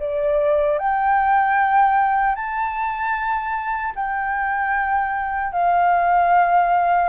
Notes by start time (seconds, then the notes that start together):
0.00 D5
0.79 G5
2.36 A5
3.96 G5
5.53 F5